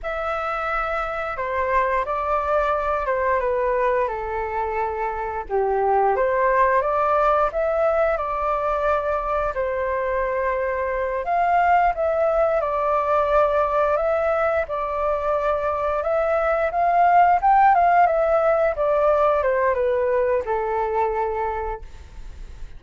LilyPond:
\new Staff \with { instrumentName = "flute" } { \time 4/4 \tempo 4 = 88 e''2 c''4 d''4~ | d''8 c''8 b'4 a'2 | g'4 c''4 d''4 e''4 | d''2 c''2~ |
c''8 f''4 e''4 d''4.~ | d''8 e''4 d''2 e''8~ | e''8 f''4 g''8 f''8 e''4 d''8~ | d''8 c''8 b'4 a'2 | }